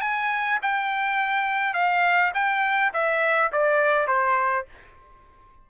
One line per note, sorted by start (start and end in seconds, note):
0.00 0.58 G#5
0.62 1.73 G5
1.73 2.31 F5
2.34 2.92 G5
2.93 3.51 E5
3.52 4.07 D5
4.07 4.65 C5